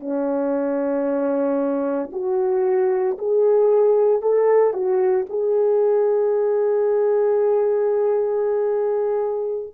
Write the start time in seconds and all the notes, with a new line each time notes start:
0.00 C#4
2.12 F#4
3.19 G#4
4.22 A4
4.74 F#4
5.30 G#4